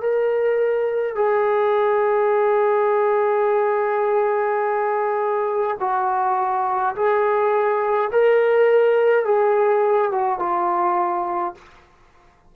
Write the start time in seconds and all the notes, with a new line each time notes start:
0.00 A#4
1.15 G#4
5.80 F#4
6.95 G#4
8.12 A#4
9.25 G#4
10.11 F#4
10.39 F4